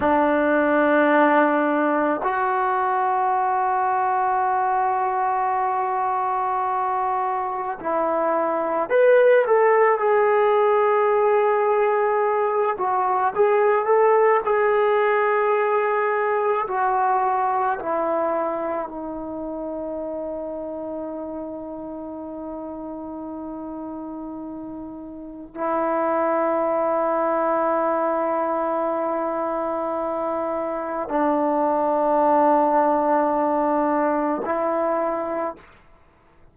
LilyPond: \new Staff \with { instrumentName = "trombone" } { \time 4/4 \tempo 4 = 54 d'2 fis'2~ | fis'2. e'4 | b'8 a'8 gis'2~ gis'8 fis'8 | gis'8 a'8 gis'2 fis'4 |
e'4 dis'2.~ | dis'2. e'4~ | e'1 | d'2. e'4 | }